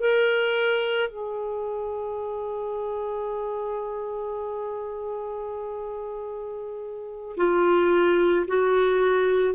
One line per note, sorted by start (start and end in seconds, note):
0.00 1.09 A#4
1.09 7.36 G#4
7.37 8.46 F4
8.48 9.55 F#4